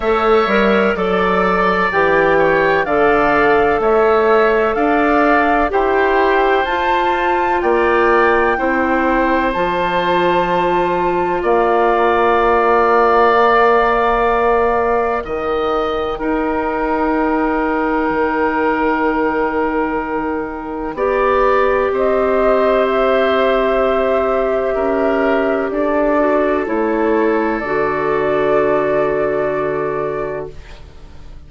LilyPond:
<<
  \new Staff \with { instrumentName = "flute" } { \time 4/4 \tempo 4 = 63 e''4 d''4 g''4 f''4 | e''4 f''4 g''4 a''4 | g''2 a''2 | f''1 |
g''1~ | g''2. dis''4 | e''2. d''4 | cis''4 d''2. | }
  \new Staff \with { instrumentName = "oboe" } { \time 4/4 cis''4 d''4. cis''8 d''4 | cis''4 d''4 c''2 | d''4 c''2. | d''1 |
dis''4 ais'2.~ | ais'2 d''4 c''4~ | c''2 ais'4 a'4~ | a'1 | }
  \new Staff \with { instrumentName = "clarinet" } { \time 4/4 a'8 ais'8 a'4 g'4 a'4~ | a'2 g'4 f'4~ | f'4 e'4 f'2~ | f'2 ais'2~ |
ais'4 dis'2.~ | dis'2 g'2~ | g'2.~ g'8 fis'8 | e'4 fis'2. | }
  \new Staff \with { instrumentName = "bassoon" } { \time 4/4 a8 g8 fis4 e4 d4 | a4 d'4 e'4 f'4 | ais4 c'4 f2 | ais1 |
dis4 dis'2 dis4~ | dis2 b4 c'4~ | c'2 cis'4 d'4 | a4 d2. | }
>>